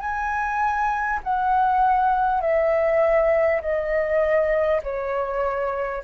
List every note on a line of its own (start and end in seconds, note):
0.00 1.20 G#5
1.24 2.42 F#5
2.42 3.62 E5
3.62 4.82 D#5
4.83 6.03 C#5